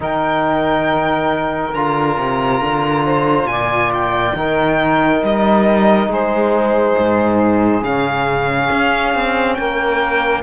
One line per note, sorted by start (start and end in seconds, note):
0.00 1.74 D#3
0.00 1.71 D#4
0.00 3.04 A#4
0.00 1.74 G5
1.74 2.17 D3
1.74 4.36 F4
1.74 3.47 A#5
2.17 2.60 C3
2.60 3.45 D3
3.04 3.48 C5
3.45 4.32 A#2
3.45 4.36 D5
3.45 3.90 G#5
3.93 5.24 G5
4.35 5.22 D#3
4.35 7.83 D#4
4.35 6.09 A#4
5.22 6.07 G3
5.22 6.12 D#5
6.07 6.94 G#3
6.07 9.56 G#4
6.07 7.83 C5
6.97 7.82 G#2
7.82 8.68 C#3
7.82 10.43 C#4
7.82 9.54 F5
8.70 9.14 C#4
9.14 9.58 C4
9.54 10.43 A#3
9.54 10.43 A#4
9.54 10.41 G5